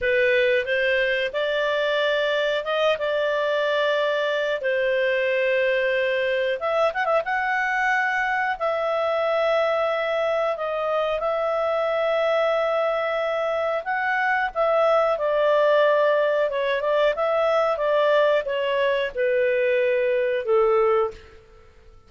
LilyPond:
\new Staff \with { instrumentName = "clarinet" } { \time 4/4 \tempo 4 = 91 b'4 c''4 d''2 | dis''8 d''2~ d''8 c''4~ | c''2 e''8 fis''16 e''16 fis''4~ | fis''4 e''2. |
dis''4 e''2.~ | e''4 fis''4 e''4 d''4~ | d''4 cis''8 d''8 e''4 d''4 | cis''4 b'2 a'4 | }